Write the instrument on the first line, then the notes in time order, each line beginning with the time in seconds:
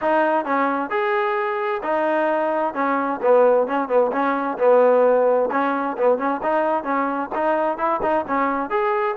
trombone
0.01 D#4
0.45 C#4
0.90 G#4
1.83 D#4
2.74 C#4
3.21 B3
3.67 C#4
3.88 B3
4.12 C#4
4.58 B3
5.51 C#4
5.97 B3
6.18 C#4
6.42 D#4
6.83 C#4
7.34 D#4
7.77 E4
8.02 D#4
8.27 C#4
8.70 G#4